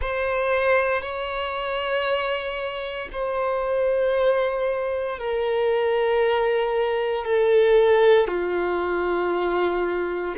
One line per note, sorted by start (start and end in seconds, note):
0.01 1.02 C5
1.02 3.08 C#5
3.12 5.18 C5
5.18 7.25 A#4
7.25 8.28 A4
8.28 10.34 F4